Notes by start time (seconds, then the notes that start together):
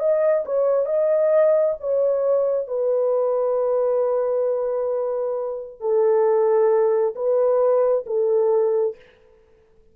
0.00 D#5
0.46 C#5
0.86 D#5
1.81 C#5
2.68 B4
5.81 A4
7.16 B4
8.07 A4